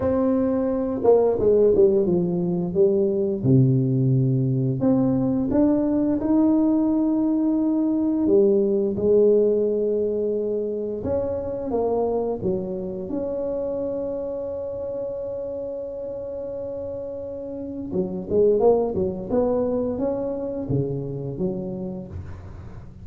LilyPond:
\new Staff \with { instrumentName = "tuba" } { \time 4/4 \tempo 4 = 87 c'4. ais8 gis8 g8 f4 | g4 c2 c'4 | d'4 dis'2. | g4 gis2. |
cis'4 ais4 fis4 cis'4~ | cis'1~ | cis'2 fis8 gis8 ais8 fis8 | b4 cis'4 cis4 fis4 | }